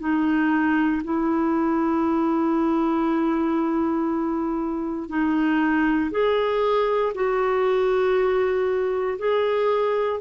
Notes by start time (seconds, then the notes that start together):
0.00 D#4
1.04 E4
5.09 D#4
6.11 G#4
7.15 F#4
9.19 G#4